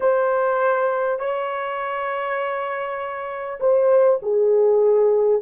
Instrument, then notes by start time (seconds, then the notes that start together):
horn
0.00 C5
1.19 C#5
3.59 C5
4.22 G#4